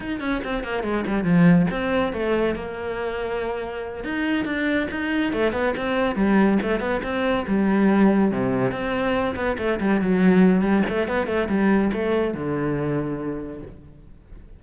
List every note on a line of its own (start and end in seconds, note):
0.00 0.20 D#4
0.20 0.41 C#4
0.44 0.63 C4
0.63 0.83 A#3
0.83 1.04 G#3
1.06 1.24 G3
1.24 1.66 F3
1.70 2.12 C4
2.12 2.55 A3
2.55 4.03 A#3
4.04 4.45 D#4
4.45 4.87 D4
4.91 5.32 D#4
5.32 5.52 A3
5.52 5.73 B3
5.77 6.15 C4
6.15 6.58 G3
6.62 6.79 A3
6.79 7.01 B3
7.03 7.45 C4
7.47 8.31 G3
8.31 8.71 C3
8.71 9.35 C4
9.35 9.56 B3
9.58 9.79 A3
9.80 10.01 G3
10.01 10.61 F#3
10.61 10.83 G3
10.89 11.07 A3
11.07 11.26 B3
11.26 11.48 A3
11.48 11.91 G3
11.93 12.34 A3
12.34 13.62 D3